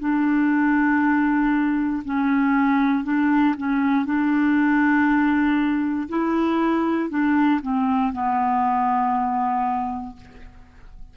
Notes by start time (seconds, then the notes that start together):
0.00 D4
2.05 C#4
3.04 D4
3.57 C#4
4.05 D4
6.09 E4
7.10 D4
7.62 C4
8.13 B3